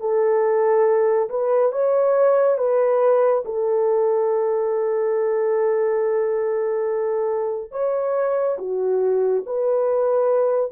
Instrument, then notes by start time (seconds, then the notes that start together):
horn
0.00 A4
1.29 B4
1.72 C#5
2.57 B4
3.45 A4
7.71 C#5
8.58 F#4
9.46 B4